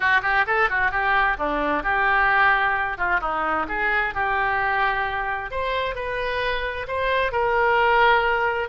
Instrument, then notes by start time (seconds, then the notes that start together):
oboe
0.00 F#4
0.22 G4
0.46 A4
0.69 F#4
0.91 G4
1.38 D4
1.83 G4
2.97 F4
3.20 D#4
3.68 G#4
4.14 G4
5.50 C5
5.95 B4
6.87 C5
7.32 A#4